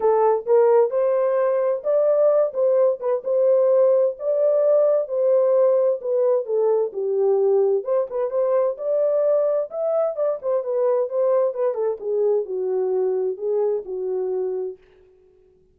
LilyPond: \new Staff \with { instrumentName = "horn" } { \time 4/4 \tempo 4 = 130 a'4 ais'4 c''2 | d''4. c''4 b'8 c''4~ | c''4 d''2 c''4~ | c''4 b'4 a'4 g'4~ |
g'4 c''8 b'8 c''4 d''4~ | d''4 e''4 d''8 c''8 b'4 | c''4 b'8 a'8 gis'4 fis'4~ | fis'4 gis'4 fis'2 | }